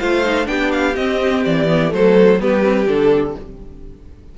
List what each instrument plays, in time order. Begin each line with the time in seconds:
0.00 cello A3, viola F4, violin C5 F5
0.25 viola D#4
0.45 cello B3, viola D4, violin G4 G5
0.72 violin F5
0.96 cello C4, viola C4, violin D#5
1.45 cello E3, violin D5
1.68 viola B3
1.90 cello F#3, viola A3, violin A4 C5
2.40 cello G3, viola B3, violin G4 B4
2.62 viola C4
2.88 cello D3, viola D4, violin A4